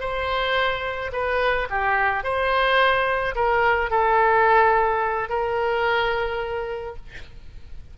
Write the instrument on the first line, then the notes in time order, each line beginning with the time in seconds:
oboe
0.00 C5
1.12 B4
1.70 G4
2.23 C5
3.35 A#4
3.91 A4
5.29 A#4